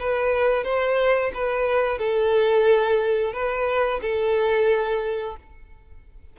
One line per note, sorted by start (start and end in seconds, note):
0.00 0.64 B4
0.64 1.31 C5
1.34 1.99 B4
1.99 3.33 A4
3.33 4.01 B4
4.02 5.37 A4